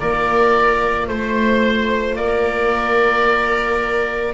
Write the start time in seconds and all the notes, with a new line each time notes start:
0.00 A#3 F4 A#4 D5
1.08 A3 C5
2.16 A#3 A#4 D5